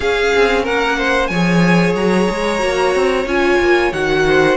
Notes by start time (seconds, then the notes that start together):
0.00 C#4 G#4 F5
0.35 C4
0.63 A#3 A#4 F#5
0.97 C5
1.27 F3 G#4 C#5 G#5
1.94 F#3 A#5
2.29 G#3
2.59 A#3 F#4
2.95 C4
3.26 C#4 F4 G#5
3.59 A#3
3.92 D#3 F#4 F#5
4.27 C5